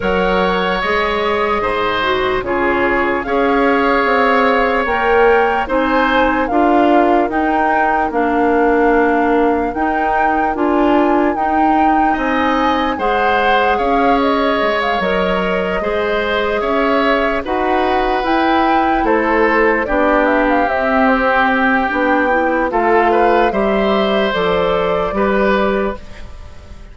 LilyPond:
<<
  \new Staff \with { instrumentName = "flute" } { \time 4/4 \tempo 4 = 74 fis''4 dis''2 cis''4 | f''2 g''4 gis''4 | f''4 g''4 f''2 | g''4 gis''4 g''4 gis''4 |
fis''4 f''8 dis''8. f''16 dis''4.~ | dis''8 e''4 fis''4 g''4 c''8~ | c''8 d''8 e''16 f''16 e''8 c''8 g''4. | f''4 e''4 d''2 | }
  \new Staff \with { instrumentName = "oboe" } { \time 4/4 cis''2 c''4 gis'4 | cis''2. c''4 | ais'1~ | ais'2. dis''4 |
c''4 cis''2~ cis''8 c''8~ | c''8 cis''4 b'2 a'8~ | a'8 g'2.~ g'8 | a'8 b'8 c''2 b'4 | }
  \new Staff \with { instrumentName = "clarinet" } { \time 4/4 ais'4 gis'4. fis'8 f'4 | gis'2 ais'4 dis'4 | f'4 dis'4 d'2 | dis'4 f'4 dis'2 |
gis'2~ gis'8 ais'4 gis'8~ | gis'4. fis'4 e'4.~ | e'8 d'4 c'4. d'8 e'8 | f'4 g'4 a'4 g'4 | }
  \new Staff \with { instrumentName = "bassoon" } { \time 4/4 fis4 gis4 gis,4 cis4 | cis'4 c'4 ais4 c'4 | d'4 dis'4 ais2 | dis'4 d'4 dis'4 c'4 |
gis4 cis'4 gis8 fis4 gis8~ | gis8 cis'4 dis'4 e'4 a8~ | a8 b4 c'4. b4 | a4 g4 f4 g4 | }
>>